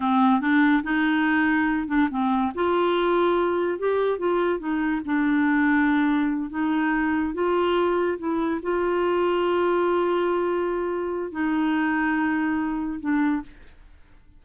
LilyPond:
\new Staff \with { instrumentName = "clarinet" } { \time 4/4 \tempo 4 = 143 c'4 d'4 dis'2~ | dis'8 d'8 c'4 f'2~ | f'4 g'4 f'4 dis'4 | d'2.~ d'8 dis'8~ |
dis'4. f'2 e'8~ | e'8 f'2.~ f'8~ | f'2. dis'4~ | dis'2. d'4 | }